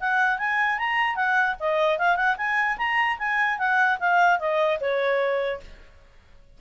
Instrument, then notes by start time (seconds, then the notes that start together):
clarinet
0.00 F#5
0.38 G#5
0.78 A#5
1.15 F#5
1.59 D#5
1.98 F5
2.16 F#5
2.37 G#5
2.77 A#5
3.18 G#5
3.58 F#5
3.99 F5
4.39 D#5
4.80 C#5